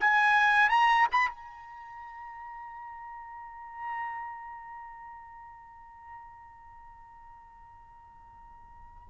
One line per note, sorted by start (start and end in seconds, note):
0.00 0.69 G#5
0.69 1.07 A#5
1.12 1.29 B5
1.29 9.08 A#5